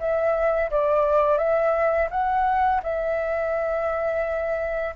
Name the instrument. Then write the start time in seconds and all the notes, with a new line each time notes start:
flute
0.00 E5
0.71 D5
1.38 E5
2.11 F#5
2.84 E5